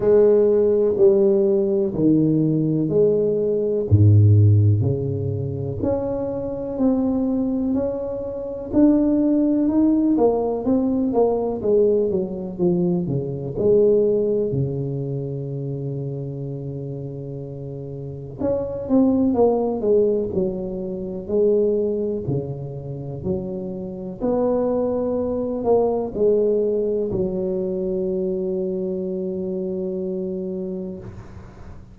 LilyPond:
\new Staff \with { instrumentName = "tuba" } { \time 4/4 \tempo 4 = 62 gis4 g4 dis4 gis4 | gis,4 cis4 cis'4 c'4 | cis'4 d'4 dis'8 ais8 c'8 ais8 | gis8 fis8 f8 cis8 gis4 cis4~ |
cis2. cis'8 c'8 | ais8 gis8 fis4 gis4 cis4 | fis4 b4. ais8 gis4 | fis1 | }